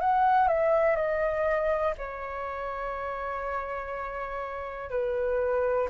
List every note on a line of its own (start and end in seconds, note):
0.00 0.48 F#5
0.48 0.96 E5
0.96 1.94 D#5
1.98 4.90 C#5
4.90 5.88 B4